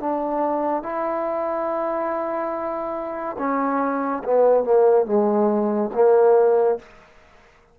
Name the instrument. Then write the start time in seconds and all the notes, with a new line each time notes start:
trombone
0.00 D4
0.83 E4
3.39 C#4
4.24 B3
4.64 A#3
5.06 G#3
5.95 A#3